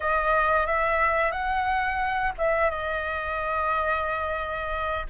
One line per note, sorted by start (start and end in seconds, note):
0.00 0.66 D#5
0.66 1.31 E5
1.31 2.32 F#5
2.38 2.70 E5
2.70 5.06 D#5